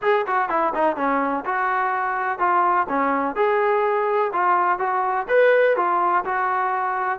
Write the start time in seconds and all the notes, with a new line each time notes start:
0.02 G#4
0.26 F#4
0.49 E4
0.74 D#4
0.96 C#4
1.45 F#4
2.38 F4
2.88 C#4
3.35 G#4
4.32 F4
4.78 F#4
5.28 B4
5.76 F4
6.24 F#4